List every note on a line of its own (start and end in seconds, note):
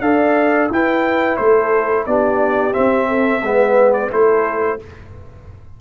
0.00 0.68 D4
0.00 0.69 A4
0.00 0.71 D5
0.00 0.68 F5
0.69 1.37 E4
0.69 2.07 E4
0.69 1.40 B4
0.69 1.36 G5
1.36 2.06 A3
1.36 2.06 A4
1.36 2.04 C5
2.06 2.75 B3
2.06 2.72 D4
2.06 3.08 G4
2.06 2.73 D5
2.72 3.40 C4
2.72 3.41 C4
2.72 3.92 E5
3.08 3.42 A4
3.41 4.10 G#3
3.41 4.10 B3
3.41 4.10 B4
3.93 4.10 D5
4.10 4.80 A3
4.10 4.78 E4
4.10 4.78 A4
4.10 4.80 C5